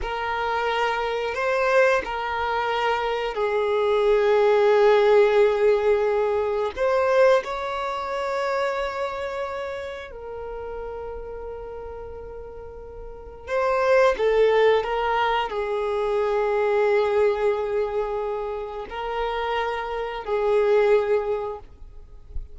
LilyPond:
\new Staff \with { instrumentName = "violin" } { \time 4/4 \tempo 4 = 89 ais'2 c''4 ais'4~ | ais'4 gis'2.~ | gis'2 c''4 cis''4~ | cis''2. ais'4~ |
ais'1 | c''4 a'4 ais'4 gis'4~ | gis'1 | ais'2 gis'2 | }